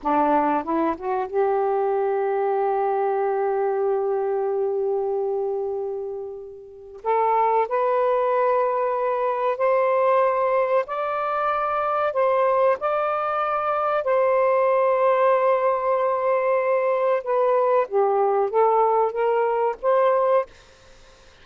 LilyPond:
\new Staff \with { instrumentName = "saxophone" } { \time 4/4 \tempo 4 = 94 d'4 e'8 fis'8 g'2~ | g'1~ | g'2. a'4 | b'2. c''4~ |
c''4 d''2 c''4 | d''2 c''2~ | c''2. b'4 | g'4 a'4 ais'4 c''4 | }